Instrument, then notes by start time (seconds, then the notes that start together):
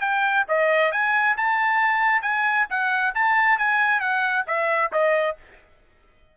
trumpet
0.00 G5
0.48 D#5
0.92 G#5
1.37 A5
2.22 G#5
2.70 F#5
3.15 A5
3.58 G#5
4.00 F#5
4.47 E5
4.92 D#5